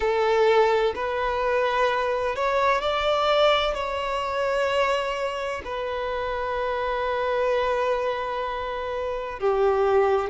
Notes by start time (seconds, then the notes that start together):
0.00 A4
0.95 B4
2.35 C#5
2.81 D5
3.74 C#5
5.64 B4
9.39 G4